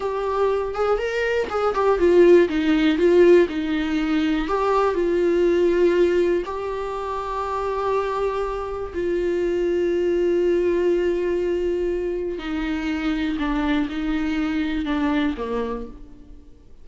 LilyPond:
\new Staff \with { instrumentName = "viola" } { \time 4/4 \tempo 4 = 121 g'4. gis'8 ais'4 gis'8 g'8 | f'4 dis'4 f'4 dis'4~ | dis'4 g'4 f'2~ | f'4 g'2.~ |
g'2 f'2~ | f'1~ | f'4 dis'2 d'4 | dis'2 d'4 ais4 | }